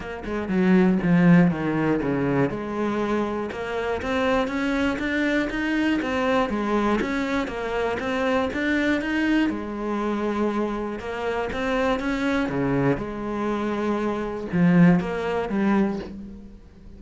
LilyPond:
\new Staff \with { instrumentName = "cello" } { \time 4/4 \tempo 4 = 120 ais8 gis8 fis4 f4 dis4 | cis4 gis2 ais4 | c'4 cis'4 d'4 dis'4 | c'4 gis4 cis'4 ais4 |
c'4 d'4 dis'4 gis4~ | gis2 ais4 c'4 | cis'4 cis4 gis2~ | gis4 f4 ais4 g4 | }